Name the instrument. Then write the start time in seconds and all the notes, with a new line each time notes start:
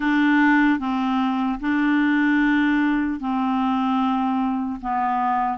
clarinet
0.00 D4
0.79 C4
1.60 D4
3.20 C4
4.81 B3